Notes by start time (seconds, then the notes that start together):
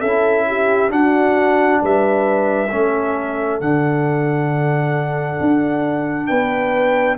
0.00 C#4 E4 A4 E5
0.47 G4
0.89 D4 F#4 F#5
1.82 G3 B4 E5
2.71 A3 C#4 A4
3.60 D3 D4 F#5
5.41 D4
6.27 B3 B4 G5